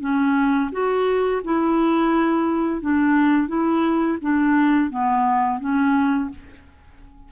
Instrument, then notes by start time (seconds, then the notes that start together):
clarinet
0.00 C#4
0.72 F#4
1.44 E4
2.81 D4
3.48 E4
4.21 D4
4.90 B3
5.60 C#4